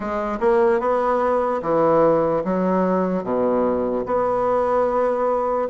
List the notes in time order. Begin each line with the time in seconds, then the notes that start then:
0.00 G#3
0.39 A#3
0.80 B3
1.62 E3
2.44 F#3
3.23 B2
4.06 B3